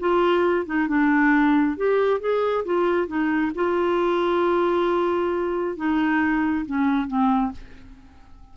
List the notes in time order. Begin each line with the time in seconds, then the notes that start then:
0.00 F4
0.66 D#4
0.88 D4
1.77 G4
2.20 G#4
2.65 F4
3.08 D#4
3.55 F4
5.77 D#4
6.66 C#4
7.08 C4